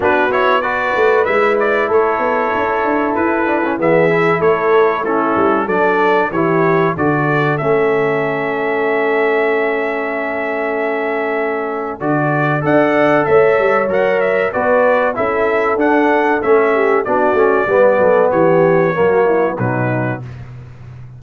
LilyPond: <<
  \new Staff \with { instrumentName = "trumpet" } { \time 4/4 \tempo 4 = 95 b'8 cis''8 d''4 e''8 d''8 cis''4~ | cis''4 b'4 e''4 cis''4 | a'4 d''4 cis''4 d''4 | e''1~ |
e''2. d''4 | fis''4 e''4 fis''8 e''8 d''4 | e''4 fis''4 e''4 d''4~ | d''4 cis''2 b'4 | }
  \new Staff \with { instrumentName = "horn" } { \time 4/4 fis'4 b'2 a'4~ | a'2 gis'4 a'4 | e'4 a'4 g'4 a'4~ | a'1~ |
a'1 | d''4 cis''2 b'4 | a'2~ a'8 g'8 fis'4 | b'8 a'8 g'4 fis'8 e'8 dis'4 | }
  \new Staff \with { instrumentName = "trombone" } { \time 4/4 d'8 e'8 fis'4 e'2~ | e'4. d'16 cis'16 b8 e'4. | cis'4 d'4 e'4 fis'4 | cis'1~ |
cis'2. fis'4 | a'2 ais'4 fis'4 | e'4 d'4 cis'4 d'8 cis'8 | b2 ais4 fis4 | }
  \new Staff \with { instrumentName = "tuba" } { \time 4/4 b4. a8 gis4 a8 b8 | cis'8 d'8 e'4 e4 a4~ | a8 g8 fis4 e4 d4 | a1~ |
a2. d4 | d'4 a8 g8 fis4 b4 | cis'4 d'4 a4 b8 a8 | g8 fis8 e4 fis4 b,4 | }
>>